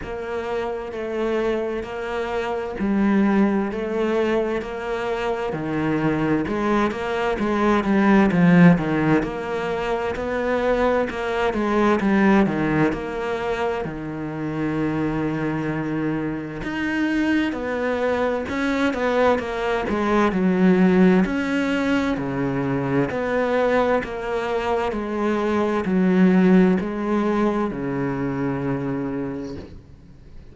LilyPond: \new Staff \with { instrumentName = "cello" } { \time 4/4 \tempo 4 = 65 ais4 a4 ais4 g4 | a4 ais4 dis4 gis8 ais8 | gis8 g8 f8 dis8 ais4 b4 | ais8 gis8 g8 dis8 ais4 dis4~ |
dis2 dis'4 b4 | cis'8 b8 ais8 gis8 fis4 cis'4 | cis4 b4 ais4 gis4 | fis4 gis4 cis2 | }